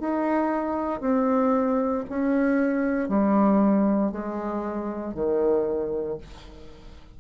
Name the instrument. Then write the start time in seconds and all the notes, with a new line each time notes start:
bassoon
0.00 D#4
1.01 C4
2.09 C#4
3.08 G3
4.12 G#3
5.14 D#3